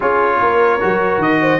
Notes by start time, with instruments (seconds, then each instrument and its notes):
0.00 tuba C#4, trombone F4, horn G#4, trumpet C#5
0.40 tuba A#3, horn A#4
0.80 tuba F#3, trombone F#4
1.18 tuba D#3, trumpet D#5
1.41 horn C5